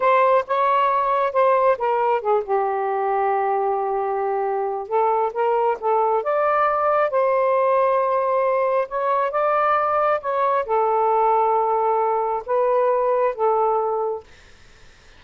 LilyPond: \new Staff \with { instrumentName = "saxophone" } { \time 4/4 \tempo 4 = 135 c''4 cis''2 c''4 | ais'4 gis'8 g'2~ g'8~ | g'2. a'4 | ais'4 a'4 d''2 |
c''1 | cis''4 d''2 cis''4 | a'1 | b'2 a'2 | }